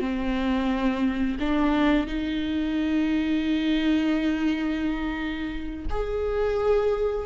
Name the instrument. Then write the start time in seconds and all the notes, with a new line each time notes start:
viola
0.00 C4
1.40 D4
2.07 D#4
5.90 G#4